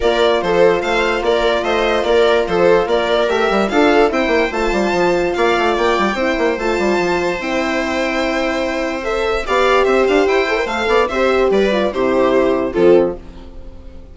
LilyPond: <<
  \new Staff \with { instrumentName = "violin" } { \time 4/4 \tempo 4 = 146 d''4 c''4 f''4 d''4 | dis''4 d''4 c''4 d''4 | e''4 f''4 g''4 a''4~ | a''4 f''4 g''2 |
a''2 g''2~ | g''2 e''4 f''4 | e''8 f''8 g''4 f''4 e''4 | d''4 c''2 a'4 | }
  \new Staff \with { instrumentName = "viola" } { \time 4/4 ais'4 a'4 c''4 ais'4 | c''4 ais'4 a'4 ais'4~ | ais'4 a'4 c''2~ | c''4 d''2 c''4~ |
c''1~ | c''2. d''4 | c''2~ c''8 d''8 c''4 | b'4 g'2 f'4 | }
  \new Staff \with { instrumentName = "horn" } { \time 4/4 f'1~ | f'1 | g'4 f'4 e'4 f'4~ | f'2. e'4 |
f'2 e'2~ | e'2 a'4 g'4~ | g'4. a'16 ais'16 a'4 g'4~ | g'8 f'8 e'2 c'4 | }
  \new Staff \with { instrumentName = "bassoon" } { \time 4/4 ais4 f4 a4 ais4 | a4 ais4 f4 ais4 | a8 g8 d'4 c'8 ais8 a8 g8 | f4 ais8 a8 ais8 g8 c'8 ais8 |
a8 g8 f4 c'2~ | c'2. b4 | c'8 d'8 e'4 a8 b8 c'4 | g4 c2 f4 | }
>>